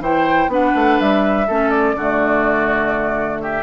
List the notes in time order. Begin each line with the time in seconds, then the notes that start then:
0.00 E3 E4 C5 G5
0.48 B3 D4 B4 F#5
0.76 A3
1.00 G3 E5
1.47 A3 C#4 A4
1.70 D5
1.95 D3 A3 F#4
3.41 G4 E5